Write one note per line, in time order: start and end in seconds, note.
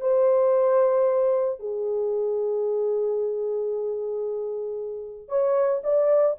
0.00 1.59 C5
1.59 5.28 G#4
5.28 5.81 C#5
5.84 6.37 D5